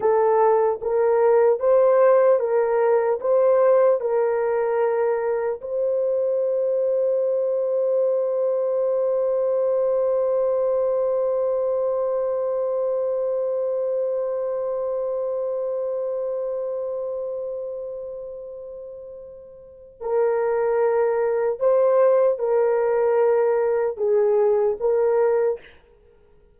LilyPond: \new Staff \with { instrumentName = "horn" } { \time 4/4 \tempo 4 = 75 a'4 ais'4 c''4 ais'4 | c''4 ais'2 c''4~ | c''1~ | c''1~ |
c''1~ | c''1~ | c''4 ais'2 c''4 | ais'2 gis'4 ais'4 | }